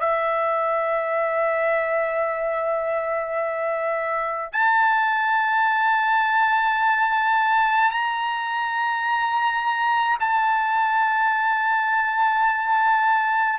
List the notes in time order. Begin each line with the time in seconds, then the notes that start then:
0.00 E5
4.52 A5
7.91 A#5
10.20 A5